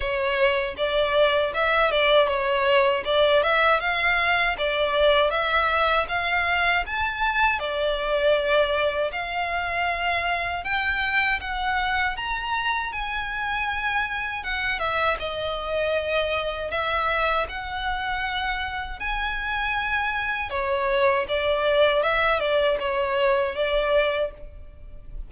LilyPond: \new Staff \with { instrumentName = "violin" } { \time 4/4 \tempo 4 = 79 cis''4 d''4 e''8 d''8 cis''4 | d''8 e''8 f''4 d''4 e''4 | f''4 a''4 d''2 | f''2 g''4 fis''4 |
ais''4 gis''2 fis''8 e''8 | dis''2 e''4 fis''4~ | fis''4 gis''2 cis''4 | d''4 e''8 d''8 cis''4 d''4 | }